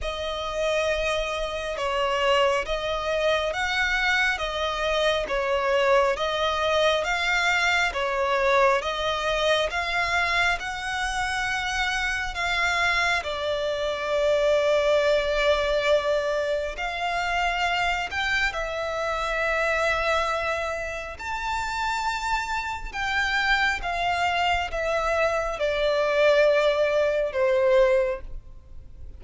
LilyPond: \new Staff \with { instrumentName = "violin" } { \time 4/4 \tempo 4 = 68 dis''2 cis''4 dis''4 | fis''4 dis''4 cis''4 dis''4 | f''4 cis''4 dis''4 f''4 | fis''2 f''4 d''4~ |
d''2. f''4~ | f''8 g''8 e''2. | a''2 g''4 f''4 | e''4 d''2 c''4 | }